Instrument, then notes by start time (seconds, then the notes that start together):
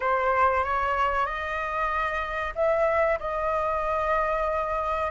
flute
0.00 C5
0.64 C#5
1.26 D#5
2.55 E5
3.19 D#5